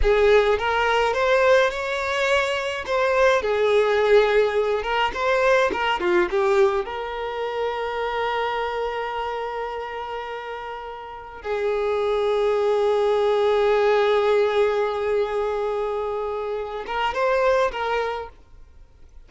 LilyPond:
\new Staff \with { instrumentName = "violin" } { \time 4/4 \tempo 4 = 105 gis'4 ais'4 c''4 cis''4~ | cis''4 c''4 gis'2~ | gis'8 ais'8 c''4 ais'8 f'8 g'4 | ais'1~ |
ais'1 | gis'1~ | gis'1~ | gis'4. ais'8 c''4 ais'4 | }